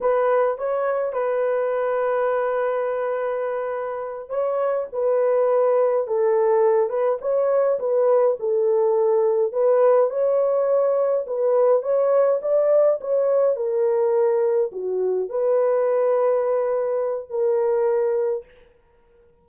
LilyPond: \new Staff \with { instrumentName = "horn" } { \time 4/4 \tempo 4 = 104 b'4 cis''4 b'2~ | b'2.~ b'8 cis''8~ | cis''8 b'2 a'4. | b'8 cis''4 b'4 a'4.~ |
a'8 b'4 cis''2 b'8~ | b'8 cis''4 d''4 cis''4 ais'8~ | ais'4. fis'4 b'4.~ | b'2 ais'2 | }